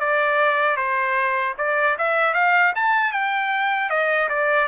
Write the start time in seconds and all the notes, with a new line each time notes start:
0.00 D5
0.77 C5
1.58 D5
1.98 E5
2.34 F5
2.75 A5
3.12 G5
3.90 D#5
4.29 D5